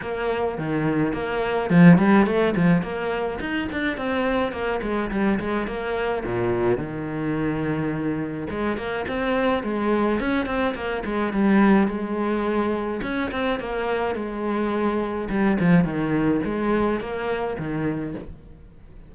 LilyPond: \new Staff \with { instrumentName = "cello" } { \time 4/4 \tempo 4 = 106 ais4 dis4 ais4 f8 g8 | a8 f8 ais4 dis'8 d'8 c'4 | ais8 gis8 g8 gis8 ais4 ais,4 | dis2. gis8 ais8 |
c'4 gis4 cis'8 c'8 ais8 gis8 | g4 gis2 cis'8 c'8 | ais4 gis2 g8 f8 | dis4 gis4 ais4 dis4 | }